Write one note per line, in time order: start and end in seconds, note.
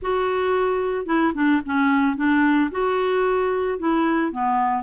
0.01 1.05 F#4
1.05 1.32 E4
1.34 1.61 D4
1.65 2.16 C#4
2.16 2.70 D4
2.71 3.78 F#4
3.78 4.32 E4
4.32 4.83 B3